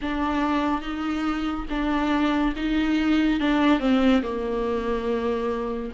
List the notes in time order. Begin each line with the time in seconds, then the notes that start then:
0.01 D4
0.81 D#4
1.69 D4
2.55 D#4
3.40 D4
3.79 C4
4.22 A#3